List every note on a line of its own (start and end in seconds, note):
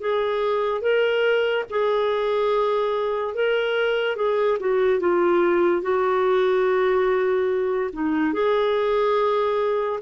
0.00 0.81 G#4
0.81 1.64 A#4
1.70 3.34 G#4
3.34 4.16 A#4
4.16 4.58 G#4
4.59 5.00 F#4
5.00 5.82 F4
5.82 7.90 F#4
7.92 8.33 D#4
8.33 9.99 G#4